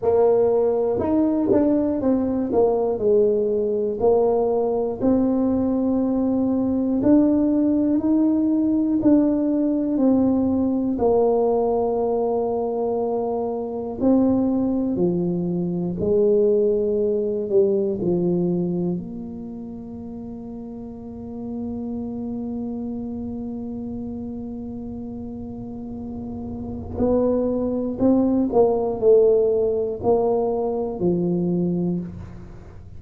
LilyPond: \new Staff \with { instrumentName = "tuba" } { \time 4/4 \tempo 4 = 60 ais4 dis'8 d'8 c'8 ais8 gis4 | ais4 c'2 d'4 | dis'4 d'4 c'4 ais4~ | ais2 c'4 f4 |
gis4. g8 f4 ais4~ | ais1~ | ais2. b4 | c'8 ais8 a4 ais4 f4 | }